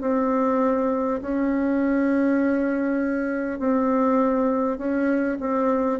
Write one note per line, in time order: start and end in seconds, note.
0.00 1.20 C4
1.21 3.59 C#4
3.59 4.77 C4
4.77 5.37 C#4
5.40 5.99 C4